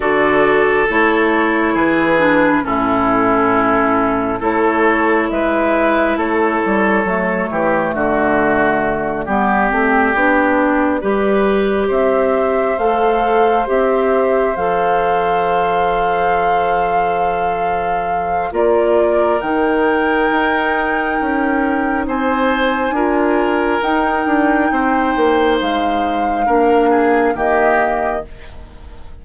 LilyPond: <<
  \new Staff \with { instrumentName = "flute" } { \time 4/4 \tempo 4 = 68 d''4 cis''4 b'4 a'4~ | a'4 cis''4 e''4 cis''4~ | cis''4 d''2.~ | d''4. e''4 f''4 e''8~ |
e''8 f''2.~ f''8~ | f''4 d''4 g''2~ | g''4 gis''2 g''4~ | g''4 f''2 dis''4 | }
  \new Staff \with { instrumentName = "oboe" } { \time 4/4 a'2 gis'4 e'4~ | e'4 a'4 b'4 a'4~ | a'8 g'8 fis'4. g'4.~ | g'8 b'4 c''2~ c''8~ |
c''1~ | c''4 ais'2.~ | ais'4 c''4 ais'2 | c''2 ais'8 gis'8 g'4 | }
  \new Staff \with { instrumentName = "clarinet" } { \time 4/4 fis'4 e'4. d'8 cis'4~ | cis'4 e'2. | a2~ a8 b8 c'8 d'8~ | d'8 g'2 a'4 g'8~ |
g'8 a'2.~ a'8~ | a'4 f'4 dis'2~ | dis'2 f'4 dis'4~ | dis'2 d'4 ais4 | }
  \new Staff \with { instrumentName = "bassoon" } { \time 4/4 d4 a4 e4 a,4~ | a,4 a4 gis4 a8 g8 | fis8 e8 d4. g8 a8 b8~ | b8 g4 c'4 a4 c'8~ |
c'8 f2.~ f8~ | f4 ais4 dis4 dis'4 | cis'4 c'4 d'4 dis'8 d'8 | c'8 ais8 gis4 ais4 dis4 | }
>>